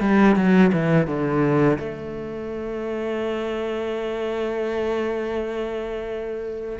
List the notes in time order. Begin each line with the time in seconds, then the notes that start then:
0.00 G3
0.36 F#3
0.72 E3
1.07 D3
1.79 A3